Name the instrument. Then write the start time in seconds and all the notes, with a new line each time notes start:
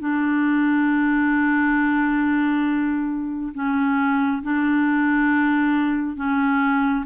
clarinet
0.00 D4
3.54 C#4
4.43 D4
6.16 C#4